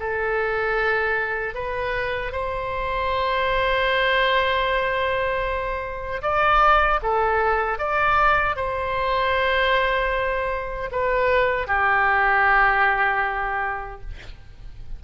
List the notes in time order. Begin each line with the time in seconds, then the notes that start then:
0.00 A4
1.55 B4
2.32 C5
6.22 D5
7.03 A4
7.79 D5
8.56 C5
10.92 B4
11.67 G4